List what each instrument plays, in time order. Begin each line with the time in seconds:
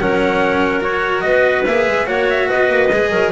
0.00 double bass F#3, cello C#4, clarinet A#4, trumpet F#5
0.81 cello F#4, trumpet C#5
1.21 double bass B3, clarinet B4, trumpet D#5
1.66 double bass A#3, cello G#4, trumpet E5
1.88 double bass G#3
2.06 double bass A#3, cello F#4, clarinet C#5, trumpet F#5
2.30 trumpet E5
2.48 double bass B3, clarinet B4, trumpet D#5
2.70 double bass A#3
2.92 double bass G#3, cello G#4
3.11 double bass F#3, clarinet A#4